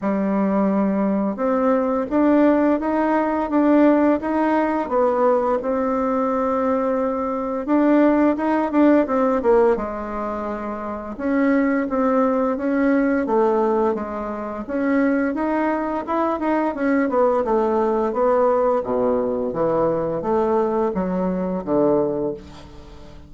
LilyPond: \new Staff \with { instrumentName = "bassoon" } { \time 4/4 \tempo 4 = 86 g2 c'4 d'4 | dis'4 d'4 dis'4 b4 | c'2. d'4 | dis'8 d'8 c'8 ais8 gis2 |
cis'4 c'4 cis'4 a4 | gis4 cis'4 dis'4 e'8 dis'8 | cis'8 b8 a4 b4 b,4 | e4 a4 fis4 d4 | }